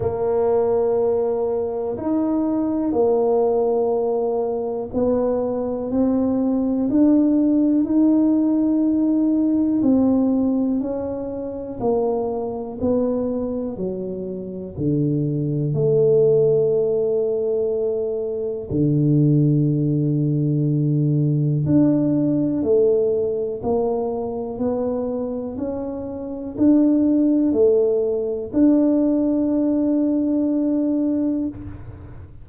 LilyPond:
\new Staff \with { instrumentName = "tuba" } { \time 4/4 \tempo 4 = 61 ais2 dis'4 ais4~ | ais4 b4 c'4 d'4 | dis'2 c'4 cis'4 | ais4 b4 fis4 d4 |
a2. d4~ | d2 d'4 a4 | ais4 b4 cis'4 d'4 | a4 d'2. | }